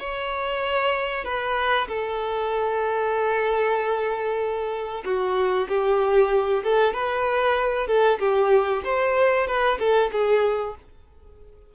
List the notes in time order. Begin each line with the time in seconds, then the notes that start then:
0.00 C#5
1.25 B4
1.88 A4
5.05 F#4
5.69 G4
6.64 A4
6.94 B4
7.87 A4
8.20 G4
8.84 C5
9.47 B4
9.80 A4
10.12 G#4